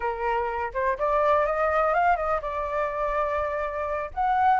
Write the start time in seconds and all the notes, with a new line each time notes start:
0.00 A#4
0.73 C5
0.98 D5
1.46 D#5
1.94 F5
2.16 D#5
2.41 D5
4.13 F#5